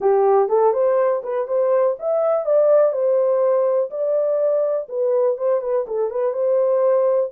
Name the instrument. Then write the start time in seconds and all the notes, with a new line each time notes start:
horn
0.00 G4
0.49 A4
0.73 C5
1.23 B4
1.47 C5
1.99 E5
2.45 D5
2.92 C5
3.90 D5
4.88 B4
5.37 C5
5.61 B4
5.87 A4
6.10 B4
6.33 C5